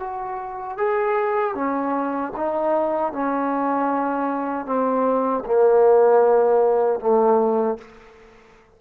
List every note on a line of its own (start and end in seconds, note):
0.00 0.78 F#4
0.78 1.55 G#4
1.55 2.33 C#4
2.36 3.13 D#4
3.13 4.66 C#4
4.66 5.44 C4
5.45 7.00 A#3
7.00 7.78 A3